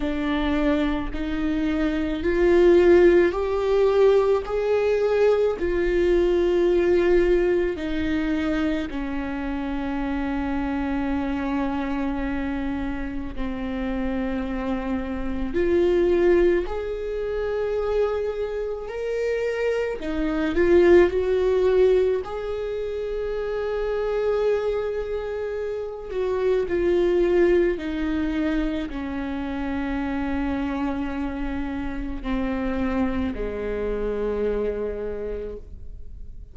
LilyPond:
\new Staff \with { instrumentName = "viola" } { \time 4/4 \tempo 4 = 54 d'4 dis'4 f'4 g'4 | gis'4 f'2 dis'4 | cis'1 | c'2 f'4 gis'4~ |
gis'4 ais'4 dis'8 f'8 fis'4 | gis'2.~ gis'8 fis'8 | f'4 dis'4 cis'2~ | cis'4 c'4 gis2 | }